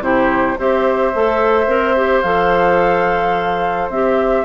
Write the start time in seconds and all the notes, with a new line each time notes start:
0.00 C3 E4 G4 C5
0.58 C4 G4 C5 E5
1.15 A3 A4
1.67 C4 A#4
1.96 G4
2.22 F3 A4 F5
3.90 C4 G4 E5